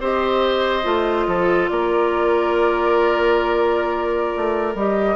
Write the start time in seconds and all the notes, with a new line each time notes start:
0.00 C4 G4 C5 D#5
0.84 A3 F4
1.27 F3 A4
1.69 A#3 A#4 D5
4.37 A3
4.75 G3 G4 D#5